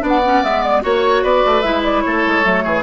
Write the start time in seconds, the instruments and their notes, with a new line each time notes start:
0.00 bassoon B3, clarinet D4, oboe D5
0.08 flute F#5
0.25 clarinet C#4
0.43 bassoon G#3, clarinet B3, flute E5
0.63 flute D5
0.82 bassoon A#3, clarinet F#4, oboe C#5, flute C#5
1.23 bassoon B3, oboe B4, flute D5
1.46 bassoon A3
1.61 bassoon G#3, clarinet E4, flute E5
1.83 flute D5
2.02 bassoon A3, oboe A4, flute C#5
2.26 bassoon G#3
2.43 bassoon F#3, clarinet A3
2.64 bassoon E3, oboe G#4